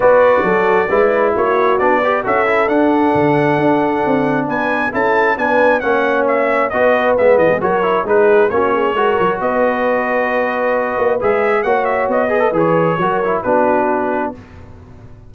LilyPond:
<<
  \new Staff \with { instrumentName = "trumpet" } { \time 4/4 \tempo 4 = 134 d''2. cis''4 | d''4 e''4 fis''2~ | fis''2 gis''4 a''4 | gis''4 fis''4 e''4 dis''4 |
e''8 dis''8 cis''4 b'4 cis''4~ | cis''4 dis''2.~ | dis''4 e''4 fis''8 e''8 dis''4 | cis''2 b'2 | }
  \new Staff \with { instrumentName = "horn" } { \time 4/4 b'4 a'4 b'4 fis'4~ | fis'8 b'8 a'2.~ | a'2 b'4 a'4 | b'4 cis''2 b'4~ |
b'8 gis'8 ais'4 gis'4 fis'8 gis'8 | ais'4 b'2.~ | b'2 cis''4. b'8~ | b'4 ais'4 fis'2 | }
  \new Staff \with { instrumentName = "trombone" } { \time 4/4 fis'2 e'2 | d'8 g'8 fis'8 e'8 d'2~ | d'2. e'4 | d'4 cis'2 fis'4 |
b4 fis'8 e'8 dis'4 cis'4 | fis'1~ | fis'4 gis'4 fis'4. gis'16 a'16 | gis'4 fis'8 e'8 d'2 | }
  \new Staff \with { instrumentName = "tuba" } { \time 4/4 b4 fis4 gis4 ais4 | b4 cis'4 d'4 d4 | d'4 c'4 b4 cis'4 | b4 ais2 b4 |
gis8 e16 gis16 fis4 gis4 ais4 | gis8 fis8 b2.~ | b8 ais8 gis4 ais4 b4 | e4 fis4 b2 | }
>>